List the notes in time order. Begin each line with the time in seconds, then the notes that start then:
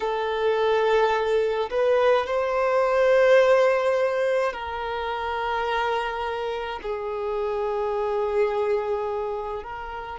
0.00 A4
1.70 B4
2.26 C5
4.53 A#4
6.82 G#4
9.63 A#4